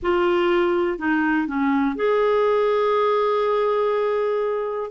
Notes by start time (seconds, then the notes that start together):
0.02 F4
0.98 D#4
1.47 C#4
1.95 G#4